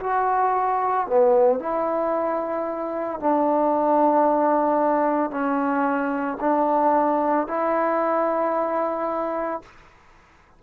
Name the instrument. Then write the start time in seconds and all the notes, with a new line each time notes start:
trombone
0.00 F#4
1.07 B3
1.59 E4
3.19 D4
5.31 C#4
6.40 D4
7.48 E4